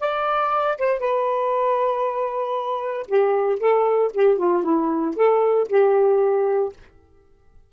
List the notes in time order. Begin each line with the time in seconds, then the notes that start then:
0.00 D5
0.78 C5
1.00 B4
3.08 G4
3.59 A4
4.14 G4
4.38 F4
4.64 E4
5.16 A4
5.69 G4